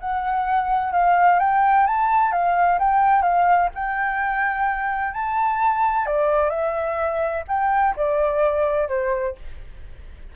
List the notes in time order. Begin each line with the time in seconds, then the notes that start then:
0.00 F#5
0.93 F5
1.40 G5
1.87 A5
2.32 F5
2.80 G5
3.22 F5
3.75 G5
5.14 A5
6.06 D5
6.50 E5
7.48 G5
7.97 D5
8.89 C5